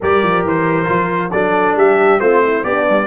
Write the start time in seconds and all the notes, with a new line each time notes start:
0.01 G3 G4 A#4 D5
0.22 F3
0.44 E3 C5
0.85 F3 F4
1.31 F#3 D4 A4 D5
1.75 G3 G4 E5
2.19 A3 C4 F4 C5
2.42 E4
2.63 B3 D4 G4 D5
2.89 G3